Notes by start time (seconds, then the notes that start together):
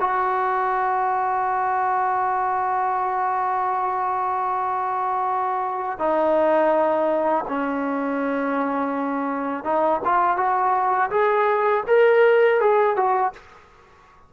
0.00 F#4
5.98 D#4
7.48 C#4
9.64 D#4
10.04 F4
10.37 F#4
11.11 G#4
11.87 A#4
12.60 G#4
12.96 F#4